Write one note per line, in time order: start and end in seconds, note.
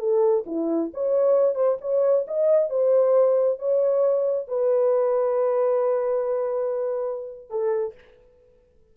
0.00 0.45 A4
0.47 0.91 E4
0.94 1.55 C#5
1.55 1.78 C5
1.82 2.26 C#5
2.28 2.70 D#5
2.70 3.59 C5
3.59 4.48 C#5
4.48 7.50 B4
7.50 7.95 A4